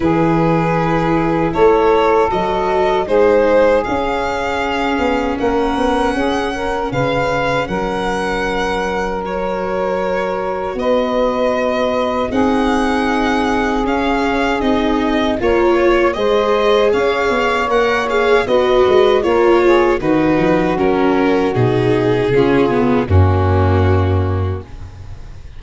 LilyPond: <<
  \new Staff \with { instrumentName = "violin" } { \time 4/4 \tempo 4 = 78 b'2 cis''4 dis''4 | c''4 f''2 fis''4~ | fis''4 f''4 fis''2 | cis''2 dis''2 |
fis''2 f''4 dis''4 | cis''4 dis''4 f''4 fis''8 f''8 | dis''4 cis''4 b'4 ais'4 | gis'2 fis'2 | }
  \new Staff \with { instrumentName = "saxophone" } { \time 4/4 gis'2 a'2 | gis'2. ais'4 | gis'8 ais'8 b'4 ais'2~ | ais'2 b'2 |
gis'1 | ais'8 cis''8 c''4 cis''2 | b'4 ais'8 gis'8 fis'2~ | fis'4 f'4 cis'2 | }
  \new Staff \with { instrumentName = "viola" } { \time 4/4 e'2. fis'4 | dis'4 cis'2.~ | cis'1 | fis'1 |
dis'2 cis'4 dis'4 | f'4 gis'2 ais'8 gis'8 | fis'4 f'4 dis'4 cis'4 | dis'4 cis'8 b8 ais2 | }
  \new Staff \with { instrumentName = "tuba" } { \time 4/4 e2 a4 fis4 | gis4 cis'4. b8 ais8 b8 | cis'4 cis4 fis2~ | fis2 b2 |
c'2 cis'4 c'4 | ais4 gis4 cis'8 b8 ais4 | b8 gis8 ais4 dis8 f8 fis4 | b,4 cis4 fis,2 | }
>>